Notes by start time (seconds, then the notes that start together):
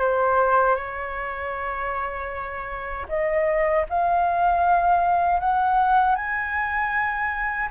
0.00 C5
0.76 C#5
3.09 D#5
3.90 F5
5.40 F#5
6.15 G#5